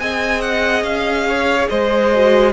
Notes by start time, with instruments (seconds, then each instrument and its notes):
0.00 cello C4, viola G#4, violin D#5 G#5
0.41 violin F#5
0.83 cello C#4, violin F5
1.29 violin C#5
1.69 cello G#3, violin C5 D#5
2.14 viola F#4